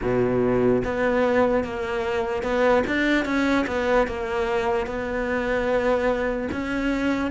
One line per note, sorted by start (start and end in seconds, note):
0.01 0.82 B2
0.84 1.64 B3
1.64 2.42 A#3
2.42 2.83 B3
2.86 3.25 D4
3.25 3.65 C#4
3.66 4.07 B3
4.07 4.86 A#3
4.86 6.48 B3
6.51 7.31 C#4